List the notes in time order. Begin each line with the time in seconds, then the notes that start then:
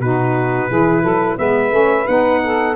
0.00 B2 D#4 F#4 B4
0.69 E3 E4 G#4
1.02 F#3 A4
1.38 G#3 B3 B4 E5
1.71 A3 C#4
2.07 B3 D#4 F#5
2.44 A4